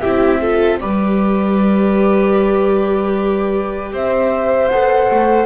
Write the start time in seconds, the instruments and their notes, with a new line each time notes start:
0.00 double bass C4, viola E4, violin G4, flute E5
0.41 viola F4, violin A4
0.79 double bass G3, viola G4, violin B4, flute D5
3.92 double bass C4, violin C5, flute E5
4.68 double bass B3, viola A4, flute F#5
5.10 double bass A3